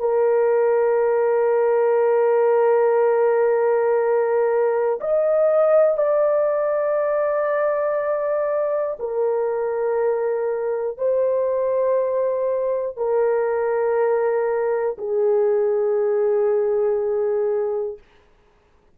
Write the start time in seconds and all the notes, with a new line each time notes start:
0.00 A#4
5.01 D#5
5.97 D5
8.99 A#4
10.98 C5
12.97 A#4
14.99 G#4